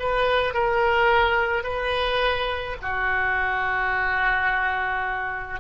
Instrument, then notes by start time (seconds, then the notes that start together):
oboe
0.00 B4
0.54 A#4
1.64 B4
2.82 F#4